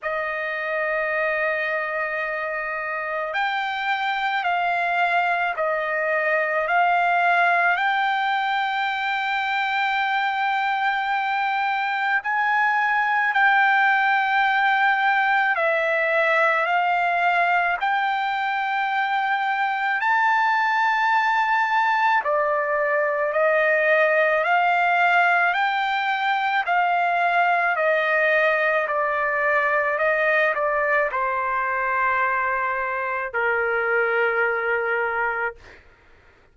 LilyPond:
\new Staff \with { instrumentName = "trumpet" } { \time 4/4 \tempo 4 = 54 dis''2. g''4 | f''4 dis''4 f''4 g''4~ | g''2. gis''4 | g''2 e''4 f''4 |
g''2 a''2 | d''4 dis''4 f''4 g''4 | f''4 dis''4 d''4 dis''8 d''8 | c''2 ais'2 | }